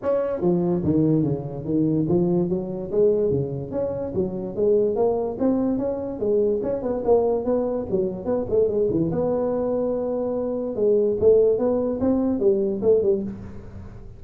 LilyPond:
\new Staff \with { instrumentName = "tuba" } { \time 4/4 \tempo 4 = 145 cis'4 f4 dis4 cis4 | dis4 f4 fis4 gis4 | cis4 cis'4 fis4 gis4 | ais4 c'4 cis'4 gis4 |
cis'8 b8 ais4 b4 fis4 | b8 a8 gis8 e8 b2~ | b2 gis4 a4 | b4 c'4 g4 a8 g8 | }